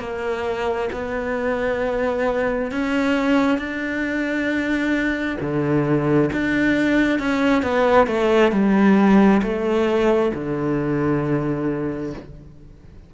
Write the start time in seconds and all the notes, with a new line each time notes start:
0.00 A#3
0.93 B3
2.72 C#4
3.59 D4
5.41 D3
6.33 D4
7.19 C#4
7.63 B3
8.08 A3
8.52 G3
9.43 A3
10.35 D3